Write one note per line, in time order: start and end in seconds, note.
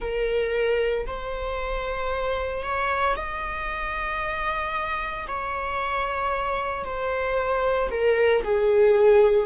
0.00 1.06 A#4
1.06 2.62 C5
2.62 3.15 C#5
3.16 5.26 D#5
5.27 6.84 C#5
6.84 7.89 C5
7.90 8.43 A#4
8.43 9.46 G#4